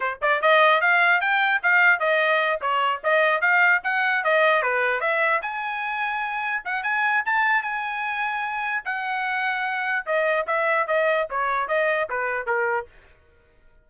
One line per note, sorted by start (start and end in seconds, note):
0.00 0.18 C5
0.21 0.41 D5
0.41 0.81 D#5
0.81 1.20 F5
1.20 1.61 G5
1.62 1.99 F5
1.99 2.60 D#5
2.61 3.01 C#5
3.03 3.41 D#5
3.41 3.81 F5
3.83 4.24 F#5
4.24 4.62 D#5
4.62 5.00 B4
5.00 5.40 E5
5.42 6.62 G#5
6.65 6.83 F#5
6.83 7.23 G#5
7.25 7.62 A5
7.62 8.83 G#5
8.84 10.05 F#5
10.06 10.46 D#5
10.46 10.87 E5
10.87 11.27 D#5
11.30 11.68 C#5
11.68 12.08 D#5
12.09 12.46 B4
12.46 12.86 A#4